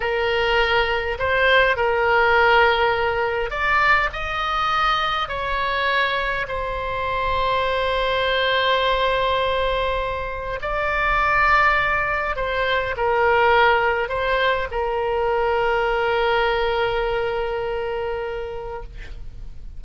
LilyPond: \new Staff \with { instrumentName = "oboe" } { \time 4/4 \tempo 4 = 102 ais'2 c''4 ais'4~ | ais'2 d''4 dis''4~ | dis''4 cis''2 c''4~ | c''1~ |
c''2 d''2~ | d''4 c''4 ais'2 | c''4 ais'2.~ | ais'1 | }